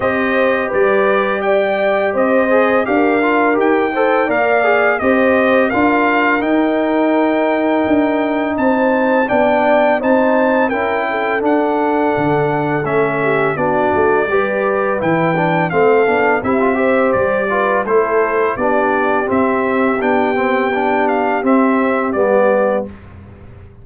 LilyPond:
<<
  \new Staff \with { instrumentName = "trumpet" } { \time 4/4 \tempo 4 = 84 dis''4 d''4 g''4 dis''4 | f''4 g''4 f''4 dis''4 | f''4 g''2. | a''4 g''4 a''4 g''4 |
fis''2 e''4 d''4~ | d''4 g''4 f''4 e''4 | d''4 c''4 d''4 e''4 | g''4. f''8 e''4 d''4 | }
  \new Staff \with { instrumentName = "horn" } { \time 4/4 c''4 b'4 d''4 c''4 | ais'4. c''8 d''4 c''4 | ais'1 | c''4 d''4 c''4 ais'8 a'8~ |
a'2~ a'8 g'8 fis'4 | b'2 a'4 g'8 c''8~ | c''8 b'8 a'4 g'2~ | g'1 | }
  \new Staff \with { instrumentName = "trombone" } { \time 4/4 g'2.~ g'8 gis'8 | g'8 f'8 g'8 a'8 ais'8 gis'8 g'4 | f'4 dis'2.~ | dis'4 d'4 dis'4 e'4 |
d'2 cis'4 d'4 | g'4 e'8 d'8 c'8 d'8 e'16 f'16 g'8~ | g'8 f'8 e'4 d'4 c'4 | d'8 c'8 d'4 c'4 b4 | }
  \new Staff \with { instrumentName = "tuba" } { \time 4/4 c'4 g2 c'4 | d'4 dis'4 ais4 c'4 | d'4 dis'2 d'4 | c'4 b4 c'4 cis'4 |
d'4 d4 a4 b8 a8 | g4 e4 a8 b8 c'4 | g4 a4 b4 c'4 | b2 c'4 g4 | }
>>